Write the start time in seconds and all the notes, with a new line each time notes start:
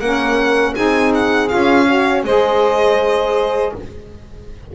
0.00 A#3 C#4 A#4 F#5
0.74 C4 D#4 G#4 G#5
1.14 F#5
1.48 C#4 F4 F5
1.86 F#4 C#5
2.24 G#3 G#4 C5 D#5